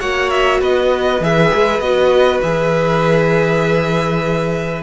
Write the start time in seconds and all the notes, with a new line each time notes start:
0.00 A#3 F#4 C#5 F#5
0.30 E5
0.60 B3 B4 D#5
1.20 E3 G#4 E5
1.55 G#3
1.79 B3 F#4 D#5
2.41 E3 G#4 E5